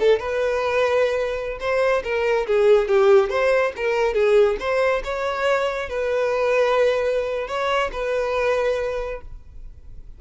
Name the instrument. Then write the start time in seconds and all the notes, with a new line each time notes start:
violin
0.00 A4
0.19 B4
1.60 C5
2.04 A#4
2.47 G#4
2.88 G4
3.30 C5
3.77 A#4
4.14 G#4
4.60 C5
5.04 C#5
5.89 B4
7.48 C#5
7.93 B4